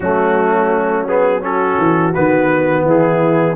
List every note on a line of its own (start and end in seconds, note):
0.00 1.77 F#3
0.00 1.08 A3
0.00 1.42 C#4
0.00 1.06 F#4
1.07 1.41 B3
1.07 1.43 G#4
1.41 2.12 C#4
1.41 2.85 F#4
1.41 2.14 A4
1.78 2.14 E3
2.14 2.84 D#3
2.14 3.56 B3
2.14 2.85 B4
2.84 3.56 E3
2.84 3.56 E4
2.84 3.56 G#4